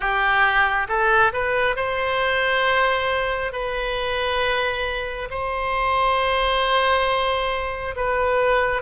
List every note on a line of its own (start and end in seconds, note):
0.00 0.87 G4
0.88 1.32 A4
1.32 1.76 B4
1.76 3.52 C5
3.52 5.29 B4
5.30 7.95 C5
7.95 8.82 B4